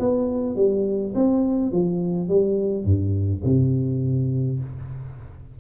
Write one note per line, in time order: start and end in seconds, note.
0.00 0.56 B3
0.56 1.14 G3
1.15 1.72 C4
1.72 2.29 F3
2.29 2.85 G3
2.85 3.42 G2
3.45 4.60 C3